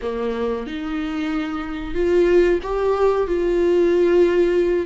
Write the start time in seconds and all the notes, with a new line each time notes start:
0.02 A#3
0.66 D#4
1.94 F4
2.62 G4
3.27 F4